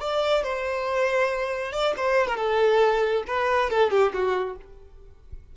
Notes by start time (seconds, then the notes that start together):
0.00 D5
0.43 C5
1.73 D5
1.97 C5
2.27 A#4
2.37 A4
3.27 B4
3.70 A4
3.91 G4
4.13 F#4